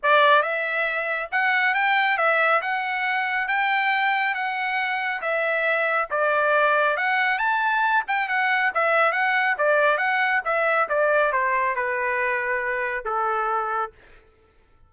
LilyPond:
\new Staff \with { instrumentName = "trumpet" } { \time 4/4 \tempo 4 = 138 d''4 e''2 fis''4 | g''4 e''4 fis''2 | g''2 fis''2 | e''2 d''2 |
fis''4 a''4. g''8 fis''4 | e''4 fis''4 d''4 fis''4 | e''4 d''4 c''4 b'4~ | b'2 a'2 | }